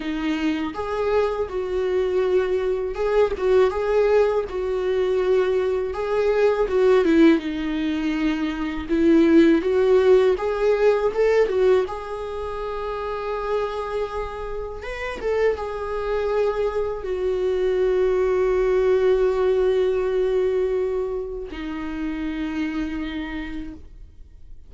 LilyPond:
\new Staff \with { instrumentName = "viola" } { \time 4/4 \tempo 4 = 81 dis'4 gis'4 fis'2 | gis'8 fis'8 gis'4 fis'2 | gis'4 fis'8 e'8 dis'2 | e'4 fis'4 gis'4 a'8 fis'8 |
gis'1 | b'8 a'8 gis'2 fis'4~ | fis'1~ | fis'4 dis'2. | }